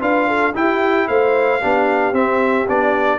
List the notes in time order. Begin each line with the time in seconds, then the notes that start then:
0.00 D4 F4 B4 F5
0.28 A4
0.55 E4 G4 G5
1.08 A3 C5 F5
1.60 B3 D4 G4
2.12 C4 E5
2.67 B3 D4 D5